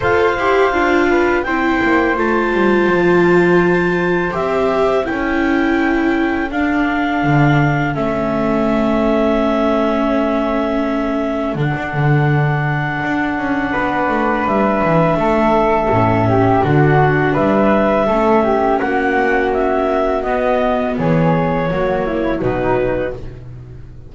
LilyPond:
<<
  \new Staff \with { instrumentName = "clarinet" } { \time 4/4 \tempo 4 = 83 f''2 g''4 a''4~ | a''2 e''4 g''4~ | g''4 f''2 e''4~ | e''1 |
fis''1 | e''2. fis''4 | e''2 fis''4 e''4 | dis''4 cis''2 b'4 | }
  \new Staff \with { instrumentName = "flute" } { \time 4/4 c''4. b'8 c''2~ | c''2. a'4~ | a'1~ | a'1~ |
a'2. b'4~ | b'4 a'4. g'8 fis'4 | b'4 a'8 g'8 fis'2~ | fis'4 gis'4 fis'8 e'8 dis'4 | }
  \new Staff \with { instrumentName = "viola" } { \time 4/4 a'8 g'8 f'4 e'4 f'4~ | f'2 g'4 e'4~ | e'4 d'2 cis'4~ | cis'1 |
d'1~ | d'2 cis'4 d'4~ | d'4 cis'2. | b2 ais4 fis4 | }
  \new Staff \with { instrumentName = "double bass" } { \time 4/4 f'8 e'8 d'4 c'8 ais8 a8 g8 | f2 c'4 cis'4~ | cis'4 d'4 d4 a4~ | a1 |
d16 d'16 d4. d'8 cis'8 b8 a8 | g8 e8 a4 a,4 d4 | g4 a4 ais2 | b4 e4 fis4 b,4 | }
>>